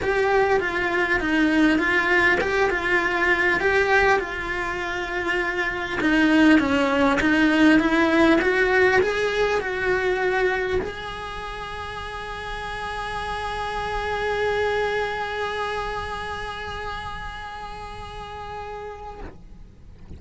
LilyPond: \new Staff \with { instrumentName = "cello" } { \time 4/4 \tempo 4 = 100 g'4 f'4 dis'4 f'4 | g'8 f'4. g'4 f'4~ | f'2 dis'4 cis'4 | dis'4 e'4 fis'4 gis'4 |
fis'2 gis'2~ | gis'1~ | gis'1~ | gis'1 | }